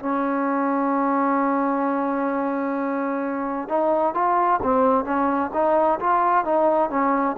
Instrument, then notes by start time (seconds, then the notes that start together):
trombone
0.00 C#4
3.69 D#4
4.15 F4
4.63 C4
5.05 C#4
5.54 D#4
6.00 F4
6.45 D#4
6.90 C#4